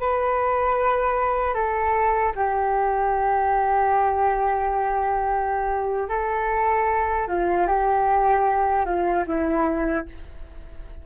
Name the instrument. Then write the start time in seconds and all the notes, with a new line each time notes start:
flute
0.00 B4
1.55 A4
2.36 G4
6.09 A4
7.28 F4
7.68 G4
8.86 F4
9.27 E4